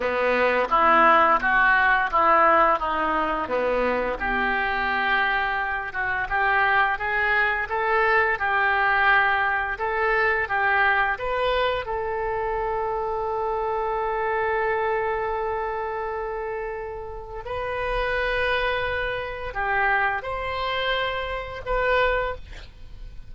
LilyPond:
\new Staff \with { instrumentName = "oboe" } { \time 4/4 \tempo 4 = 86 b4 e'4 fis'4 e'4 | dis'4 b4 g'2~ | g'8 fis'8 g'4 gis'4 a'4 | g'2 a'4 g'4 |
b'4 a'2.~ | a'1~ | a'4 b'2. | g'4 c''2 b'4 | }